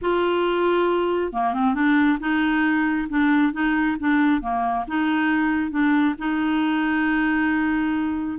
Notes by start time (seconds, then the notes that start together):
0.01 F4
1.32 A#3
1.53 C4
1.74 D4
2.19 D#4
3.09 D4
3.52 D#4
3.99 D4
4.41 A#3
4.87 D#4
5.70 D4
6.18 D#4